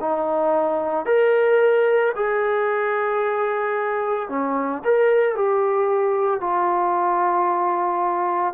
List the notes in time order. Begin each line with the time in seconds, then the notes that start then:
0.00 D#4
1.06 A#4
2.15 G#4
4.29 C#4
4.84 A#4
5.35 G4
6.40 F4